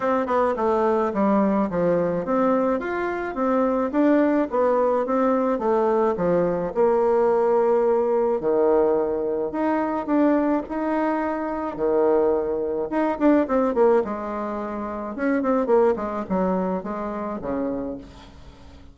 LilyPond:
\new Staff \with { instrumentName = "bassoon" } { \time 4/4 \tempo 4 = 107 c'8 b8 a4 g4 f4 | c'4 f'4 c'4 d'4 | b4 c'4 a4 f4 | ais2. dis4~ |
dis4 dis'4 d'4 dis'4~ | dis'4 dis2 dis'8 d'8 | c'8 ais8 gis2 cis'8 c'8 | ais8 gis8 fis4 gis4 cis4 | }